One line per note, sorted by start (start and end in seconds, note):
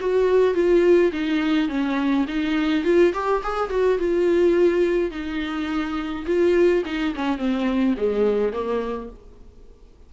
0.00 0.54 F#4
0.54 1.11 F4
1.12 1.68 D#4
1.68 2.25 C#4
2.28 2.84 D#4
2.84 3.12 F4
3.13 3.42 G4
3.43 3.70 G#4
3.70 3.98 F#4
3.98 5.11 F4
5.11 6.25 D#4
6.26 6.83 F4
6.85 7.14 D#4
7.15 7.37 C#4
7.37 7.95 C4
7.97 8.52 G#3
8.52 9.09 A#3